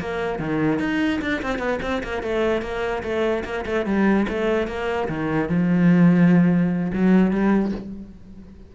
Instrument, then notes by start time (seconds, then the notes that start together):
cello
0.00 A#3
0.39 D#3
0.79 D#4
1.21 D4
1.42 C4
1.58 B3
1.82 C4
2.03 A#3
2.22 A3
2.62 A#3
3.03 A3
3.44 A#3
3.65 A3
3.85 G3
4.28 A3
4.67 A#3
5.08 D#3
5.49 F3
6.93 F#3
7.31 G3